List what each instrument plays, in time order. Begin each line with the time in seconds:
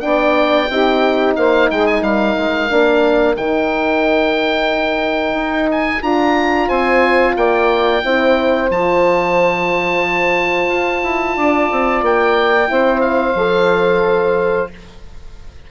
0.00 bassoon B3, horn D4, saxophone D5, oboe G5
0.69 bassoon C4, horn D#4, saxophone G4
1.36 bassoon A#3, saxophone C5, oboe F5
1.70 bassoon G#3, saxophone G#4, oboe G5
1.86 oboe G#5
2.01 bassoon G3, saxophone A#4, oboe F5
2.37 bassoon G#3
2.70 bassoon A#3, horn D4
3.37 bassoon D#3, horn D#4, oboe G5
5.33 bassoon D#4
5.71 oboe G#5
6.02 bassoon D4, horn F4, oboe A#5
6.67 bassoon C4, saxophone C5, oboe G#5
7.36 bassoon A#3, saxophone D5, oboe G5
8.03 bassoon C4, horn E4, saxophone C5
8.70 bassoon F3, horn F4, oboe A5
10.68 bassoon F4
11.03 bassoon E4
11.36 bassoon D4, saxophone D5
11.71 bassoon C4
12.02 bassoon A#3, oboe G5
12.67 bassoon C4, horn E4, saxophone C5
13.01 oboe F5
13.35 bassoon F3, horn A4